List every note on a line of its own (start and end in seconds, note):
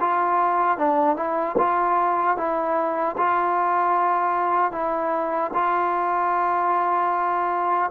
0.00 0.78 F4
0.78 1.16 D4
1.16 1.55 E4
1.58 2.36 F4
2.36 3.15 E4
3.17 4.72 F4
4.72 5.50 E4
5.53 7.90 F4